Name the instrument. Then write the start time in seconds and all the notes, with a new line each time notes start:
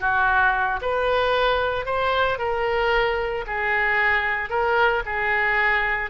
oboe
0.00 F#4
0.81 B4
1.86 C5
2.38 A#4
3.47 G#4
4.50 A#4
5.05 G#4